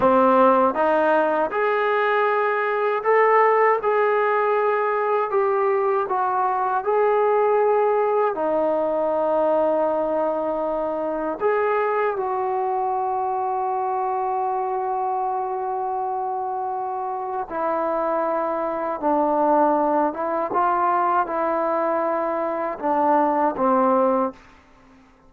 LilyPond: \new Staff \with { instrumentName = "trombone" } { \time 4/4 \tempo 4 = 79 c'4 dis'4 gis'2 | a'4 gis'2 g'4 | fis'4 gis'2 dis'4~ | dis'2. gis'4 |
fis'1~ | fis'2. e'4~ | e'4 d'4. e'8 f'4 | e'2 d'4 c'4 | }